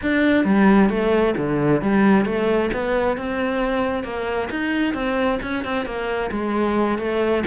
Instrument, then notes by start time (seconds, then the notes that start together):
cello
0.02 D4
0.44 G3
0.89 A3
1.37 D3
1.81 G3
2.25 A3
2.73 B3
3.17 C4
4.03 A#3
4.50 D#4
4.94 C4
5.42 C#4
5.64 C4
5.85 A#3
6.31 G#3
6.98 A3